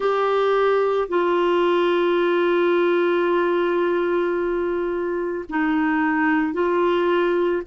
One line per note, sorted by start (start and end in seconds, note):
0.00 1.08 G4
1.08 5.44 F4
5.49 6.53 D#4
6.53 7.62 F4